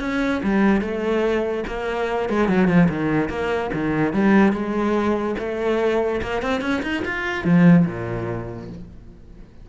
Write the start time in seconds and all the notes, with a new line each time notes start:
0.00 C#4
0.43 G3
0.81 A3
1.67 A#3
2.29 G#3
2.48 F#3
2.67 F3
2.89 D#3
3.29 A#3
3.74 D#3
4.13 G3
4.52 G#3
5.38 A3
6.22 A#3
6.42 C4
6.61 C#4
6.82 D#4
7.05 F4
7.44 F3
7.86 A#2